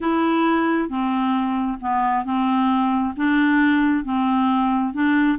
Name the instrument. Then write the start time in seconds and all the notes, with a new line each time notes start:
clarinet
0.00 E4
0.89 C4
1.81 B3
2.24 C4
3.16 D4
4.04 C4
4.93 D4